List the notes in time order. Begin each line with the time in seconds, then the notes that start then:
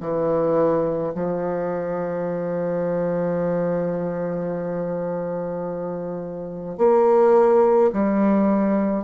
0.00 E3
1.14 F3
6.77 A#3
7.92 G3